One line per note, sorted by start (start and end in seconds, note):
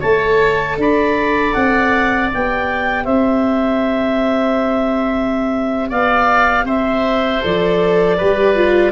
0.00 0.77 A3
0.00 2.32 A4
0.00 0.76 C#5
0.00 0.77 A5
0.77 1.53 D4
0.77 3.05 D5
0.77 1.54 B5
1.54 2.32 C4
1.54 2.30 F#5
2.32 3.07 B3
2.32 7.42 G4
2.32 3.05 G5
3.05 5.91 C4
3.05 5.89 C5
3.05 5.90 E5
5.89 6.64 B3
5.89 6.65 D5
5.89 6.67 F5
6.64 7.40 C4
6.64 8.17 C5
6.64 7.43 E5
7.42 8.21 F3
7.42 8.18 A4
7.42 8.92 D5
8.18 8.92 G3
8.18 8.56 G4
8.18 8.92 B4
8.56 8.92 F4